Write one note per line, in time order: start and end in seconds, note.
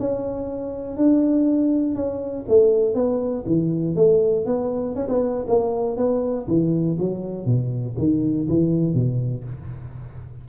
0.00 0.97 C#4
0.97 1.96 D4
1.96 2.46 C#4
2.49 2.95 A3
2.95 3.45 B3
3.47 3.96 E3
3.96 4.46 A3
4.46 4.96 B3
4.96 5.08 C#4
5.09 5.46 B3
5.48 5.97 A#3
5.97 6.47 B3
6.48 6.98 E3
6.99 7.46 F#3
7.46 7.96 B2
7.98 8.48 D#3
8.49 8.94 E3
8.94 9.44 B2